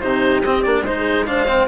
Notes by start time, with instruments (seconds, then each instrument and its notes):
0.00 bassoon C3, cello D#4, horn G4, oboe C5
0.43 bassoon C4, cello C4, oboe D#5
0.63 bassoon A#3, cello D4, oboe D5
0.82 bassoon G#3, cello D#4, horn C5, oboe C5
0.97 horn G#4
1.26 cello D4, horn C5, oboe F5
1.47 cello C4